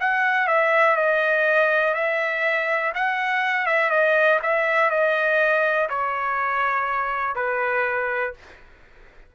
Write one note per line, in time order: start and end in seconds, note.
0.00 0.47 F#5
0.47 0.96 E5
0.96 1.94 D#5
1.94 2.92 E5
2.94 3.66 F#5
3.66 3.90 E5
3.90 4.39 D#5
4.42 4.90 E5
4.90 5.88 D#5
5.89 7.35 C#5
7.35 8.33 B4